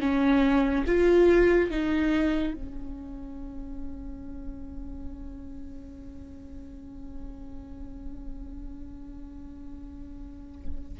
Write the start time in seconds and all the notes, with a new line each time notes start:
0.00 C#4
0.86 F4
1.70 D#4
2.54 C#4